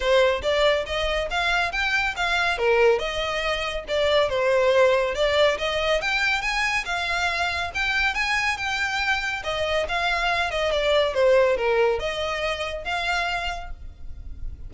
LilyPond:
\new Staff \with { instrumentName = "violin" } { \time 4/4 \tempo 4 = 140 c''4 d''4 dis''4 f''4 | g''4 f''4 ais'4 dis''4~ | dis''4 d''4 c''2 | d''4 dis''4 g''4 gis''4 |
f''2 g''4 gis''4 | g''2 dis''4 f''4~ | f''8 dis''8 d''4 c''4 ais'4 | dis''2 f''2 | }